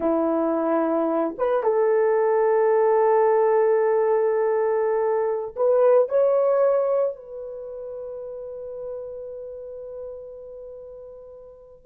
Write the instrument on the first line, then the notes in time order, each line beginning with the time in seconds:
horn
0.00 E4
1.38 B4
1.63 A4
5.56 B4
6.08 C#5
7.15 B4